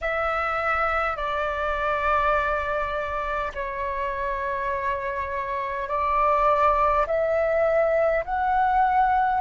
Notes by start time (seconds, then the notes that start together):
0.01 E5
1.16 D5
3.54 C#5
5.88 D5
7.06 E5
8.25 F#5